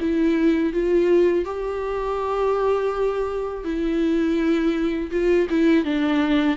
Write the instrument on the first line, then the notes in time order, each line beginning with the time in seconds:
viola
0.00 E4
0.73 F4
1.45 G4
3.64 E4
5.11 F4
5.50 E4
5.84 D4